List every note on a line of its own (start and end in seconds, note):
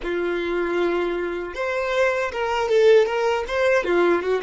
0.02 1.54 F4
1.54 2.31 C5
2.31 2.69 A#4
2.69 3.06 A4
3.06 3.44 A#4
3.47 3.84 C5
3.84 4.21 F4
4.21 4.41 F#4